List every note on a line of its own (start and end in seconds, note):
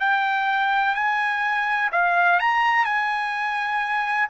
0.00 0.94 G5
0.94 1.90 G#5
1.92 2.39 F5
2.39 2.84 A#5
2.84 4.27 G#5